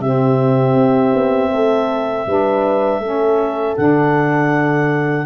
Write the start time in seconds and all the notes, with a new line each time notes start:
0.00 C3 C4 G4 E5
0.75 C4
1.14 B3
1.51 A3 A4
2.27 G3 D4 B4
3.00 A3 C#4 A4
3.77 D3 D4 F#5